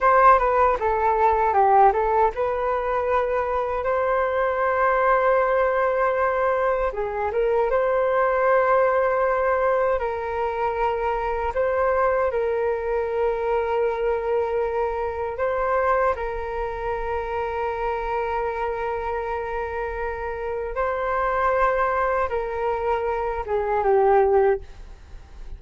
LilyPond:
\new Staff \with { instrumentName = "flute" } { \time 4/4 \tempo 4 = 78 c''8 b'8 a'4 g'8 a'8 b'4~ | b'4 c''2.~ | c''4 gis'8 ais'8 c''2~ | c''4 ais'2 c''4 |
ais'1 | c''4 ais'2.~ | ais'2. c''4~ | c''4 ais'4. gis'8 g'4 | }